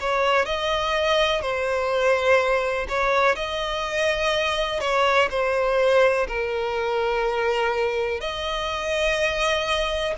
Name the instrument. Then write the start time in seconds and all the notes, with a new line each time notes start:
violin
0.00 C#5
0.45 D#5
1.41 C5
2.89 C#5
3.35 D#5
4.80 C#5
5.30 C5
6.28 A#4
8.20 D#5